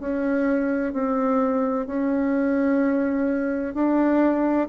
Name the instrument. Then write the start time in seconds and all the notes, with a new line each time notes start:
bassoon
0.00 C#4
0.93 C4
1.87 C#4
3.74 D4